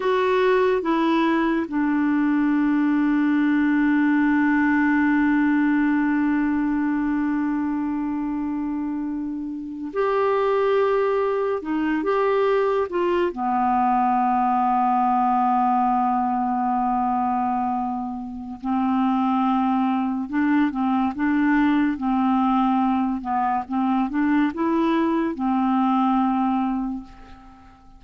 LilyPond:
\new Staff \with { instrumentName = "clarinet" } { \time 4/4 \tempo 4 = 71 fis'4 e'4 d'2~ | d'1~ | d'2.~ d'8. g'16~ | g'4.~ g'16 dis'8 g'4 f'8 b16~ |
b1~ | b2 c'2 | d'8 c'8 d'4 c'4. b8 | c'8 d'8 e'4 c'2 | }